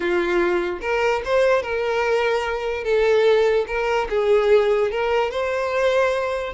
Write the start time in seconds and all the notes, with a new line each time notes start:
0.00 F4
0.81 A#4
1.24 C5
1.62 A#4
2.83 A4
3.67 A#4
4.09 G#4
4.91 A#4
5.31 C5